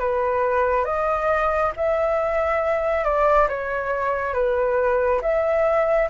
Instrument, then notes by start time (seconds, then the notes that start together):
flute
0.00 B4
0.85 D#5
1.77 E5
3.05 D5
3.49 C#5
4.34 B4
5.22 E5